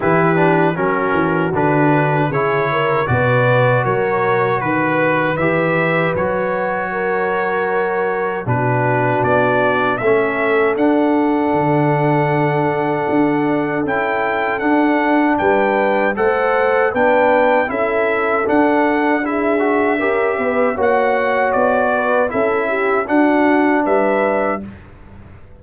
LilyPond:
<<
  \new Staff \with { instrumentName = "trumpet" } { \time 4/4 \tempo 4 = 78 b'4 ais'4 b'4 cis''4 | d''4 cis''4 b'4 e''4 | cis''2. b'4 | d''4 e''4 fis''2~ |
fis''2 g''4 fis''4 | g''4 fis''4 g''4 e''4 | fis''4 e''2 fis''4 | d''4 e''4 fis''4 e''4 | }
  \new Staff \with { instrumentName = "horn" } { \time 4/4 g'4 fis'2 gis'8 ais'8 | b'4 ais'4 b'2~ | b'4 ais'2 fis'4~ | fis'4 a'2.~ |
a'1 | b'4 c''4 b'4 a'4~ | a'4 gis'4 ais'8 b'8 cis''4~ | cis''8 b'8 a'8 g'8 fis'4 b'4 | }
  \new Staff \with { instrumentName = "trombone" } { \time 4/4 e'8 d'8 cis'4 d'4 e'4 | fis'2. g'4 | fis'2. d'4~ | d'4 cis'4 d'2~ |
d'2 e'4 d'4~ | d'4 a'4 d'4 e'4 | d'4 e'8 fis'8 g'4 fis'4~ | fis'4 e'4 d'2 | }
  \new Staff \with { instrumentName = "tuba" } { \time 4/4 e4 fis8 e8 d4 cis4 | b,4 fis4 dis4 e4 | fis2. b,4 | b4 a4 d'4 d4~ |
d4 d'4 cis'4 d'4 | g4 a4 b4 cis'4 | d'2 cis'8 b8 ais4 | b4 cis'4 d'4 g4 | }
>>